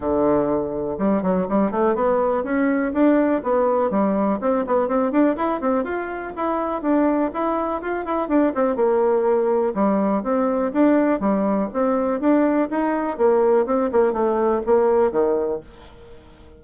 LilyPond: \new Staff \with { instrumentName = "bassoon" } { \time 4/4 \tempo 4 = 123 d2 g8 fis8 g8 a8 | b4 cis'4 d'4 b4 | g4 c'8 b8 c'8 d'8 e'8 c'8 | f'4 e'4 d'4 e'4 |
f'8 e'8 d'8 c'8 ais2 | g4 c'4 d'4 g4 | c'4 d'4 dis'4 ais4 | c'8 ais8 a4 ais4 dis4 | }